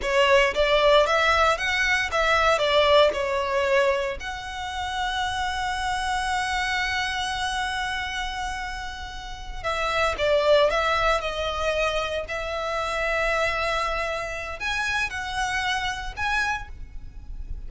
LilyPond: \new Staff \with { instrumentName = "violin" } { \time 4/4 \tempo 4 = 115 cis''4 d''4 e''4 fis''4 | e''4 d''4 cis''2 | fis''1~ | fis''1~ |
fis''2~ fis''8 e''4 d''8~ | d''8 e''4 dis''2 e''8~ | e''1 | gis''4 fis''2 gis''4 | }